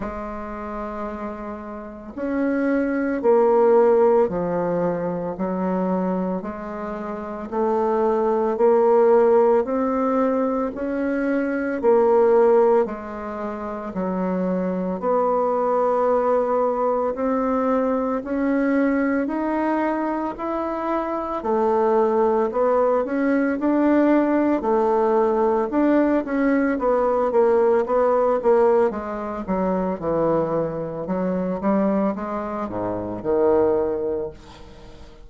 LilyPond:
\new Staff \with { instrumentName = "bassoon" } { \time 4/4 \tempo 4 = 56 gis2 cis'4 ais4 | f4 fis4 gis4 a4 | ais4 c'4 cis'4 ais4 | gis4 fis4 b2 |
c'4 cis'4 dis'4 e'4 | a4 b8 cis'8 d'4 a4 | d'8 cis'8 b8 ais8 b8 ais8 gis8 fis8 | e4 fis8 g8 gis8 gis,8 dis4 | }